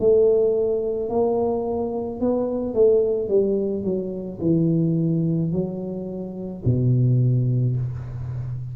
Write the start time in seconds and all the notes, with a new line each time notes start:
0.00 A3
1.10 A#3
2.21 B3
2.74 A3
3.29 G3
3.84 F#3
4.41 E3
5.52 F#3
6.65 B2